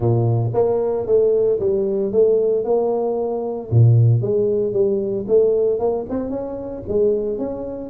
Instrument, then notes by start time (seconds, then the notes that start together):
tuba
0.00 A#2
0.53 A#3
1.06 A3
1.59 G3
2.12 A3
2.64 A#3
3.70 A#2
4.21 G#3
4.72 G3
5.27 A3
5.79 A#3
6.09 C4
6.30 C#4
6.88 G#3
7.38 C#4